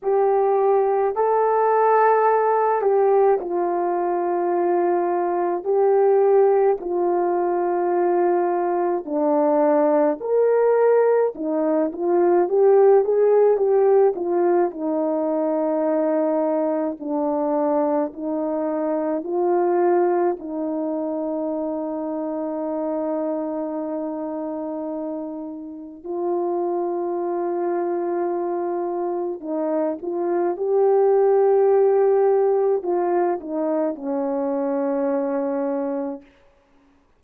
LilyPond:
\new Staff \with { instrumentName = "horn" } { \time 4/4 \tempo 4 = 53 g'4 a'4. g'8 f'4~ | f'4 g'4 f'2 | d'4 ais'4 dis'8 f'8 g'8 gis'8 | g'8 f'8 dis'2 d'4 |
dis'4 f'4 dis'2~ | dis'2. f'4~ | f'2 dis'8 f'8 g'4~ | g'4 f'8 dis'8 cis'2 | }